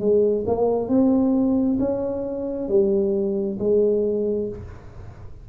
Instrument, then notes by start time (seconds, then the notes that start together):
tuba
0.00 G#3
0.47 A#3
0.89 C4
1.79 C#4
2.69 G3
3.59 G#3